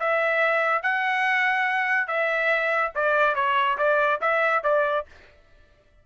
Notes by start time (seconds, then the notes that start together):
0.00 E5
0.83 F#5
2.08 E5
2.95 D5
3.35 C#5
3.78 D5
4.22 E5
4.64 D5